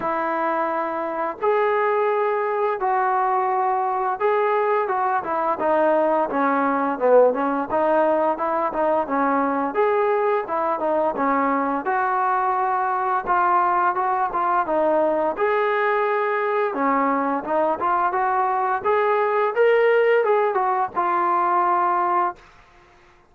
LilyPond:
\new Staff \with { instrumentName = "trombone" } { \time 4/4 \tempo 4 = 86 e'2 gis'2 | fis'2 gis'4 fis'8 e'8 | dis'4 cis'4 b8 cis'8 dis'4 | e'8 dis'8 cis'4 gis'4 e'8 dis'8 |
cis'4 fis'2 f'4 | fis'8 f'8 dis'4 gis'2 | cis'4 dis'8 f'8 fis'4 gis'4 | ais'4 gis'8 fis'8 f'2 | }